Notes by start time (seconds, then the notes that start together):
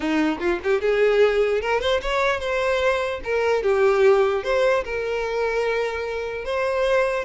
0.00 D#4
0.39 F4
0.63 G4
0.81 G#4
1.61 A#4
1.80 C5
2.01 C#5
2.40 C5
3.24 A#4
3.63 G4
4.43 C5
4.84 A#4
6.44 C5